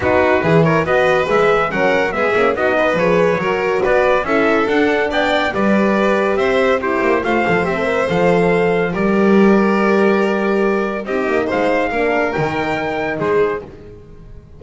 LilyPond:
<<
  \new Staff \with { instrumentName = "trumpet" } { \time 4/4 \tempo 4 = 141 b'4. cis''8 dis''4 e''4 | fis''4 e''4 dis''4 cis''4~ | cis''4 d''4 e''4 fis''4 | g''4 d''2 e''4 |
c''4 f''4 e''4 f''4~ | f''4 d''2.~ | d''2 dis''4 f''4~ | f''4 g''2 c''4 | }
  \new Staff \with { instrumentName = "violin" } { \time 4/4 fis'4 gis'8 ais'8 b'2 | ais'4 gis'4 fis'8 b'4. | ais'4 b'4 a'2 | d''4 b'2 c''4 |
g'4 c''2.~ | c''4 ais'2.~ | ais'2 g'4 c''4 | ais'2. gis'4 | }
  \new Staff \with { instrumentName = "horn" } { \time 4/4 dis'4 e'4 fis'4 gis'4 | cis'4 b8 cis'8 dis'4 gis'4 | fis'2 e'4 d'4~ | d'4 g'2. |
e'4 f'8 a'8 g'16 a'16 ais'8 a'4~ | a'4 g'2.~ | g'2 dis'2 | d'4 dis'2. | }
  \new Staff \with { instrumentName = "double bass" } { \time 4/4 b4 e4 b4 gis4 | fis4 gis8 ais8 b4 f4 | fis4 b4 cis'4 d'4 | b4 g2 c'4~ |
c'8 ais8 a8 f8 c'4 f4~ | f4 g2.~ | g2 c'8 ais8 gis4 | ais4 dis2 gis4 | }
>>